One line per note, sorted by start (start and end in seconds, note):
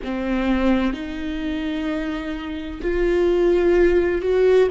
0.04 0.93 C4
0.93 2.80 D#4
2.81 4.21 F4
4.21 4.68 F#4